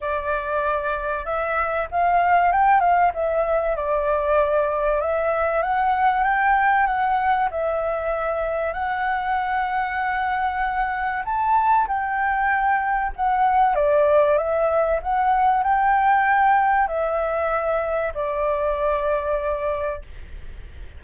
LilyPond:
\new Staff \with { instrumentName = "flute" } { \time 4/4 \tempo 4 = 96 d''2 e''4 f''4 | g''8 f''8 e''4 d''2 | e''4 fis''4 g''4 fis''4 | e''2 fis''2~ |
fis''2 a''4 g''4~ | g''4 fis''4 d''4 e''4 | fis''4 g''2 e''4~ | e''4 d''2. | }